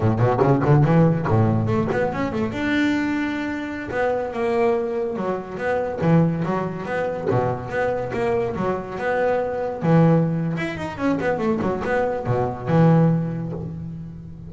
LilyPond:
\new Staff \with { instrumentName = "double bass" } { \time 4/4 \tempo 4 = 142 a,8 b,8 cis8 d8 e4 a,4 | a8 b8 cis'8 a8 d'2~ | d'4~ d'16 b4 ais4.~ ais16~ | ais16 fis4 b4 e4 fis8.~ |
fis16 b4 b,4 b4 ais8.~ | ais16 fis4 b2 e8.~ | e4 e'8 dis'8 cis'8 b8 a8 fis8 | b4 b,4 e2 | }